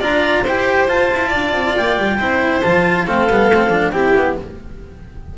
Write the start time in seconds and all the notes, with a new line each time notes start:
0.00 D4 F4 D5 A#5
0.42 E4 G4 C5 G5
0.88 F4 A5
1.13 E4
1.28 D5
1.35 D4
1.52 C4
1.76 A#3 G5
1.98 G3
2.18 C4 E4 C5
2.62 F3 F4 A5
3.06 A3 C4 A4 F5
3.29 G3 B3
3.51 A3 C4
3.68 F3 D4
3.91 C4 E4 G4 G5
4.16 B3